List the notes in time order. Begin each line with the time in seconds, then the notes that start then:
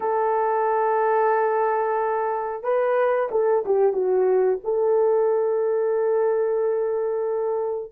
0.00 A4
2.63 B4
3.31 A4
3.65 G4
3.93 F#4
4.64 A4